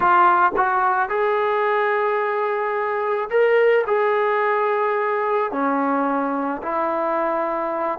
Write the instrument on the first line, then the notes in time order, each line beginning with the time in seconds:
trombone
0.00 F4
0.56 F#4
1.09 G#4
3.30 A#4
3.87 G#4
5.51 C#4
6.62 E4